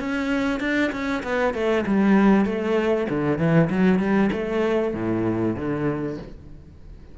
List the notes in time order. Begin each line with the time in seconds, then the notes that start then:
0.00 C#4
0.60 D4
0.92 C#4
1.23 B3
1.54 A3
1.87 G3
2.45 A3
3.10 D3
3.39 E3
3.70 F#3
3.99 G3
4.33 A3
4.94 A2
5.56 D3